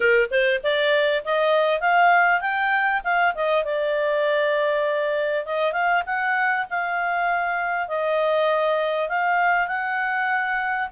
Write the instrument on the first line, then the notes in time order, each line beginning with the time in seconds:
clarinet
0.00 A#4
0.30 C5
0.63 D5
1.24 D#5
1.80 F5
2.40 G5
3.04 F5
3.34 D#5
3.64 D5
5.45 D#5
5.72 F5
6.06 F#5
6.69 F5
7.88 D#5
9.09 F5
9.67 F#5